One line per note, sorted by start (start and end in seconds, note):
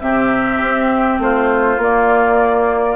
0.00 0.60 C3
0.00 1.80 C4
0.00 1.22 G4
0.00 1.19 E5
0.61 1.19 C4
1.19 1.77 A3
1.19 2.96 F4
1.19 1.81 C5
1.77 2.96 A#3
1.77 2.96 D5